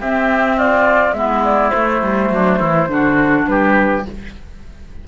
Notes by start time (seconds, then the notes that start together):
0.00 C4 G4 E5
0.57 F4 D5
1.13 G#3 B3 E4 E5
1.44 D5
1.70 A3 C5
2.02 G3
2.30 F#3 D4
2.58 E3 E4
2.88 D3 D4 F#4
3.47 G3 G4 B4